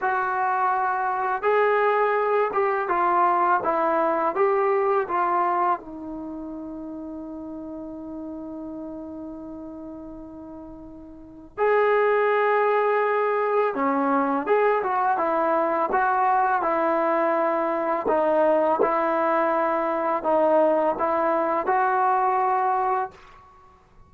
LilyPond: \new Staff \with { instrumentName = "trombone" } { \time 4/4 \tempo 4 = 83 fis'2 gis'4. g'8 | f'4 e'4 g'4 f'4 | dis'1~ | dis'1 |
gis'2. cis'4 | gis'8 fis'8 e'4 fis'4 e'4~ | e'4 dis'4 e'2 | dis'4 e'4 fis'2 | }